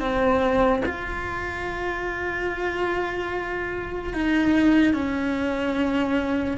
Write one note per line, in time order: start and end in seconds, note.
0.00 0.82 C4
0.85 4.14 F4
4.14 4.94 D#4
4.94 6.58 C#4